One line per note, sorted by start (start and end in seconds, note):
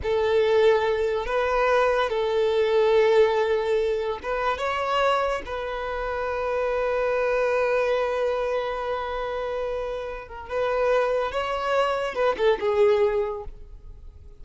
0.02 1.25 A4
1.25 2.09 B4
2.09 4.19 A4
4.22 4.58 B4
4.58 5.41 C#5
5.45 10.28 B4
10.28 10.49 A#4
10.49 11.31 B4
11.31 12.14 C#5
12.14 12.35 B4
12.37 12.58 A4
12.60 13.43 G#4